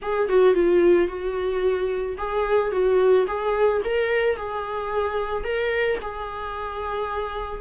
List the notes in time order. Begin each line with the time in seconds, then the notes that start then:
0.01 G#4
0.29 F#4
0.53 F4
1.08 F#4
2.17 G#4
2.71 F#4
3.27 G#4
3.84 A#4
4.36 G#4
5.43 A#4
6.01 G#4